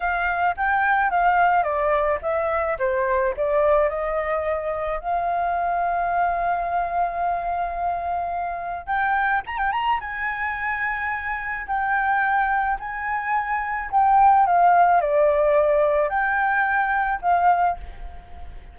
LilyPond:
\new Staff \with { instrumentName = "flute" } { \time 4/4 \tempo 4 = 108 f''4 g''4 f''4 d''4 | e''4 c''4 d''4 dis''4~ | dis''4 f''2.~ | f''1 |
g''4 ais''16 g''16 ais''8 gis''2~ | gis''4 g''2 gis''4~ | gis''4 g''4 f''4 d''4~ | d''4 g''2 f''4 | }